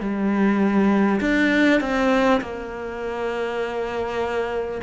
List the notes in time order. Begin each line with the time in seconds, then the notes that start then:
0.00 G3
1.21 D4
1.80 C4
2.41 A#3